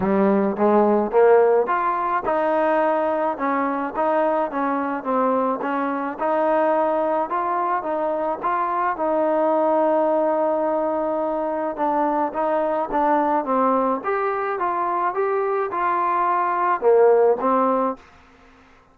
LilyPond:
\new Staff \with { instrumentName = "trombone" } { \time 4/4 \tempo 4 = 107 g4 gis4 ais4 f'4 | dis'2 cis'4 dis'4 | cis'4 c'4 cis'4 dis'4~ | dis'4 f'4 dis'4 f'4 |
dis'1~ | dis'4 d'4 dis'4 d'4 | c'4 g'4 f'4 g'4 | f'2 ais4 c'4 | }